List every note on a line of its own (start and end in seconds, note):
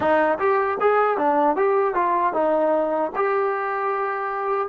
0.00 0.38 D#4
0.38 0.77 G4
0.80 1.17 G#4
1.17 1.55 D4
1.55 1.94 G4
1.94 2.33 F4
2.33 3.11 D#4
3.15 4.68 G4